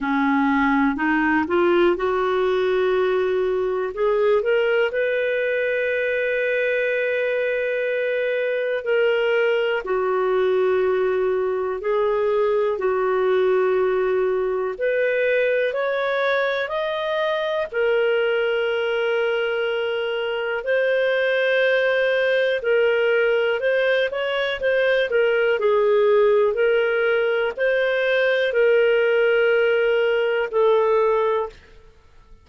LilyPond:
\new Staff \with { instrumentName = "clarinet" } { \time 4/4 \tempo 4 = 61 cis'4 dis'8 f'8 fis'2 | gis'8 ais'8 b'2.~ | b'4 ais'4 fis'2 | gis'4 fis'2 b'4 |
cis''4 dis''4 ais'2~ | ais'4 c''2 ais'4 | c''8 cis''8 c''8 ais'8 gis'4 ais'4 | c''4 ais'2 a'4 | }